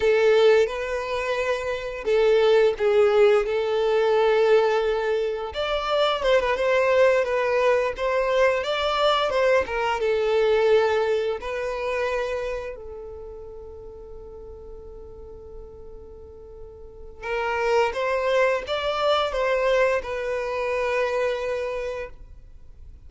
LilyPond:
\new Staff \with { instrumentName = "violin" } { \time 4/4 \tempo 4 = 87 a'4 b'2 a'4 | gis'4 a'2. | d''4 c''16 b'16 c''4 b'4 c''8~ | c''8 d''4 c''8 ais'8 a'4.~ |
a'8 b'2 a'4.~ | a'1~ | a'4 ais'4 c''4 d''4 | c''4 b'2. | }